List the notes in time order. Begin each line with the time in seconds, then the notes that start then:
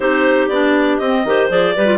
0.00 C4 D#4 G4 C5
0.48 B3 D4 D5
0.97 C4 D#5
1.04 C4
1.24 D#3 G4 C5
1.49 F3 G#4 D5
1.75 G3 G4 B4
1.86 F4